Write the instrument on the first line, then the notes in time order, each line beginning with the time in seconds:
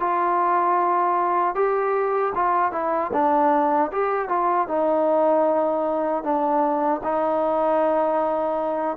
trombone
0.00 F4
1.55 G4
2.35 F4
2.72 E4
3.13 D4
3.92 G4
4.29 F4
4.68 D#4
6.23 D4
7.03 D#4